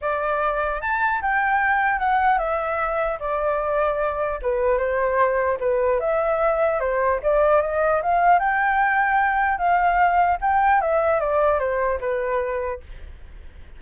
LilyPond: \new Staff \with { instrumentName = "flute" } { \time 4/4 \tempo 4 = 150 d''2 a''4 g''4~ | g''4 fis''4 e''2 | d''2. b'4 | c''2 b'4 e''4~ |
e''4 c''4 d''4 dis''4 | f''4 g''2. | f''2 g''4 e''4 | d''4 c''4 b'2 | }